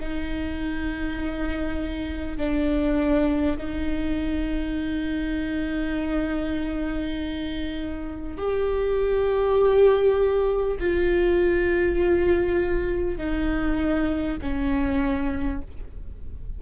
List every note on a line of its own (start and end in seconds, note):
0.00 2.37 D#4
2.37 3.57 D4
3.57 8.37 D#4
8.38 10.78 G4
10.79 13.17 F4
13.17 14.37 D#4
14.42 15.61 C#4